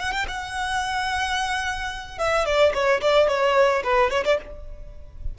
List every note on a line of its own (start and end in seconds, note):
0.00 0.12 F#5
0.12 0.26 G5
0.28 2.19 F#5
2.19 2.46 E5
2.46 2.73 D5
2.74 3.01 C#5
3.01 3.28 D5
3.28 3.83 C#5
3.84 4.11 B4
4.11 4.24 C#5
4.25 4.39 D5